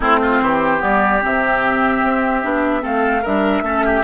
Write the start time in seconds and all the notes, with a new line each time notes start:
0.00 A3 C4 E4 C5
0.21 F4
0.41 E3 G4
0.79 G3 B3 D5
1.21 C3 C4 E5
2.03 C4
2.43 B3 D4
2.80 A3 C4 A4 F5
3.22 G3 D4 A#4 E5
3.61 A3 C#4 A4
3.85 G4